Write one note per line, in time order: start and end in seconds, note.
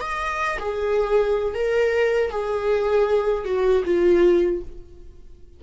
0.00 0.58 D#5
0.59 1.54 G#4
1.54 2.30 A#4
2.30 3.44 G#4
3.44 3.83 F#4
3.84 4.61 F4